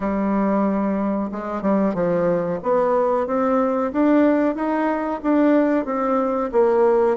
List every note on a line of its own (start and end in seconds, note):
0.00 1.30 G3
1.31 1.61 G#3
1.61 1.94 G3
1.94 2.59 F3
2.62 3.26 B3
3.26 3.92 C4
3.92 4.55 D4
4.55 5.20 D#4
5.22 5.85 D4
5.85 6.50 C4
6.52 7.17 A#3